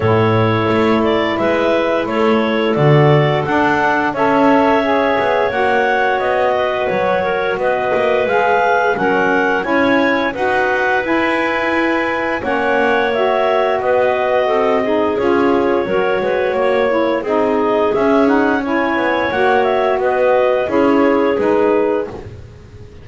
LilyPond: <<
  \new Staff \with { instrumentName = "clarinet" } { \time 4/4 \tempo 4 = 87 cis''4. d''8 e''4 cis''4 | d''4 fis''4 e''2 | fis''4 dis''4 cis''4 dis''4 | f''4 fis''4 gis''4 fis''4 |
gis''2 fis''4 e''4 | dis''2 cis''2~ | cis''4 dis''4 e''8 fis''8 gis''4 | fis''8 e''8 dis''4 cis''4 b'4 | }
  \new Staff \with { instrumentName = "clarinet" } { \time 4/4 a'2 b'4 a'4~ | a'2 cis''2~ | cis''4. b'4 ais'8 b'4~ | b'4 ais'4 cis''4 b'4~ |
b'2 cis''2 | b'4 a'8 gis'4. ais'8 b'8 | cis''4 gis'2 cis''4~ | cis''4 b'4 gis'2 | }
  \new Staff \with { instrumentName = "saxophone" } { \time 4/4 e'1 | fis'4 d'4 a'4 gis'4 | fis'1 | gis'4 cis'4 e'4 fis'4 |
e'2 cis'4 fis'4~ | fis'4. dis'8 f'4 fis'4~ | fis'8 e'8 dis'4 cis'8 dis'8 e'4 | fis'2 e'4 dis'4 | }
  \new Staff \with { instrumentName = "double bass" } { \time 4/4 a,4 a4 gis4 a4 | d4 d'4 cis'4. b8 | ais4 b4 fis4 b8 ais8 | gis4 fis4 cis'4 dis'4 |
e'2 ais2 | b4 c'4 cis'4 fis8 gis8 | ais4 c'4 cis'4. b8 | ais4 b4 cis'4 gis4 | }
>>